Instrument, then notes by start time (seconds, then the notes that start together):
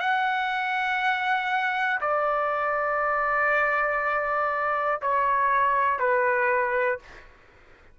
trumpet
0.00 F#5
2.01 D5
5.02 C#5
6.00 B4